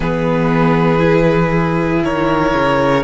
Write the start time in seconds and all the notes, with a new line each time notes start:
0.00 E3 B3 G#4 B4
0.98 E4
2.03 D#3 A#4 C#5
2.53 C#3